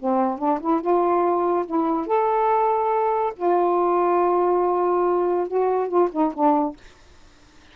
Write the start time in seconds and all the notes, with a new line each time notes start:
0.00 C4
0.39 D4
0.60 E4
0.81 F4
1.66 E4
2.07 A4
3.37 F4
5.48 F#4
5.88 F4
6.12 D#4
6.34 D4